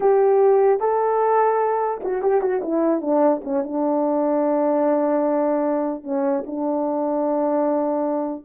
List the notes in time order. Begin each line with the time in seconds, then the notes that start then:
0.00 G4
0.80 A4
2.04 F#4
2.22 G4
2.41 F#4
2.63 E4
3.01 D4
3.44 C#4
3.63 D4
6.03 C#4
6.46 D4